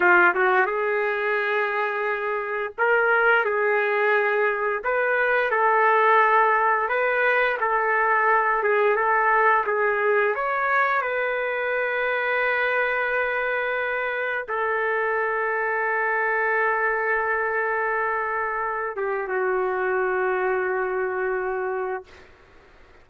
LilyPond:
\new Staff \with { instrumentName = "trumpet" } { \time 4/4 \tempo 4 = 87 f'8 fis'8 gis'2. | ais'4 gis'2 b'4 | a'2 b'4 a'4~ | a'8 gis'8 a'4 gis'4 cis''4 |
b'1~ | b'4 a'2.~ | a'2.~ a'8 g'8 | fis'1 | }